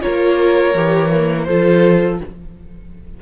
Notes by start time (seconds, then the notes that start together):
0.00 F4 A#4 C#5
0.07 A#3
0.73 E3 G4
1.11 A#3
1.44 F3 F4 A4 C5